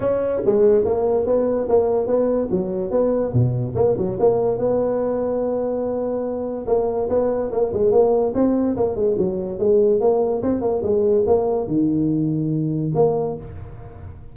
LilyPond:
\new Staff \with { instrumentName = "tuba" } { \time 4/4 \tempo 4 = 144 cis'4 gis4 ais4 b4 | ais4 b4 fis4 b4 | b,4 ais8 fis8 ais4 b4~ | b1 |
ais4 b4 ais8 gis8 ais4 | c'4 ais8 gis8 fis4 gis4 | ais4 c'8 ais8 gis4 ais4 | dis2. ais4 | }